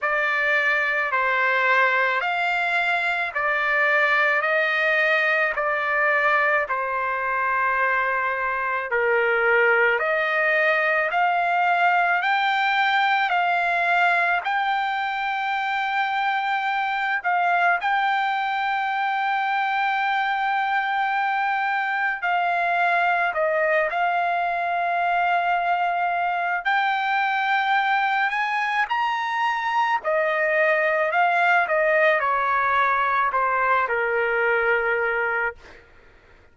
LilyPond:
\new Staff \with { instrumentName = "trumpet" } { \time 4/4 \tempo 4 = 54 d''4 c''4 f''4 d''4 | dis''4 d''4 c''2 | ais'4 dis''4 f''4 g''4 | f''4 g''2~ g''8 f''8 |
g''1 | f''4 dis''8 f''2~ f''8 | g''4. gis''8 ais''4 dis''4 | f''8 dis''8 cis''4 c''8 ais'4. | }